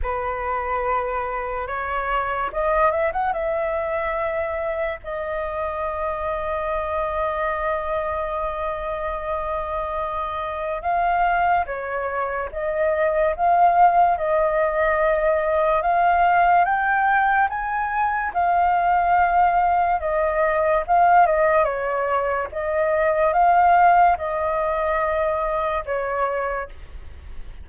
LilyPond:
\new Staff \with { instrumentName = "flute" } { \time 4/4 \tempo 4 = 72 b'2 cis''4 dis''8 e''16 fis''16 | e''2 dis''2~ | dis''1~ | dis''4 f''4 cis''4 dis''4 |
f''4 dis''2 f''4 | g''4 gis''4 f''2 | dis''4 f''8 dis''8 cis''4 dis''4 | f''4 dis''2 cis''4 | }